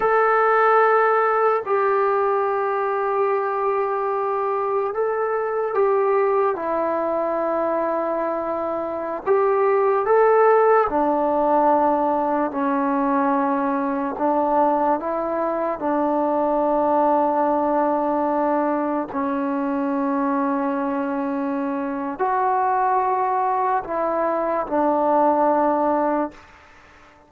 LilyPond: \new Staff \with { instrumentName = "trombone" } { \time 4/4 \tempo 4 = 73 a'2 g'2~ | g'2 a'4 g'4 | e'2.~ e'16 g'8.~ | g'16 a'4 d'2 cis'8.~ |
cis'4~ cis'16 d'4 e'4 d'8.~ | d'2.~ d'16 cis'8.~ | cis'2. fis'4~ | fis'4 e'4 d'2 | }